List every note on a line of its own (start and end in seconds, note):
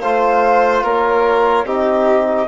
0.00 0.83 A3
0.00 1.66 F4
0.00 0.83 C5
0.00 0.82 F5
0.83 1.64 A#3
0.83 1.65 A#4
0.83 1.66 C#5
1.64 2.46 C4
1.64 2.48 D#4
1.64 2.48 G4
1.64 2.48 D#5